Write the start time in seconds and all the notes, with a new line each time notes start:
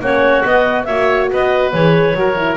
0.00 A#3 C#4 F#4 C#5
0.45 B3 D#5
0.85 A#3 F#4 C#5 E5
1.32 B3 B4 D#5
1.73 E3 G#4 C#5
2.14 F#3 F#4 A#4
2.37 E4